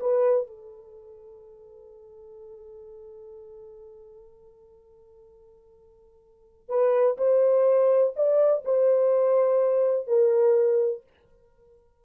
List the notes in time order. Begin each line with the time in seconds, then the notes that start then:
0.00 B4
0.47 A4
6.69 B4
7.18 C5
8.16 D5
8.65 C5
10.07 A#4